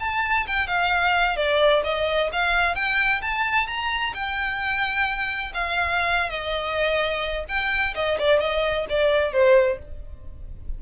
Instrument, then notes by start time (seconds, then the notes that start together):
violin
0.00 A5
0.47 G5
0.67 F5
1.36 D5
1.84 D#5
2.32 F5
2.75 G5
3.21 A5
3.67 A#5
4.14 G5
5.54 F5
6.29 D#5
7.48 G5
7.95 D#5
8.19 D5
8.39 D#5
8.89 D5
9.32 C5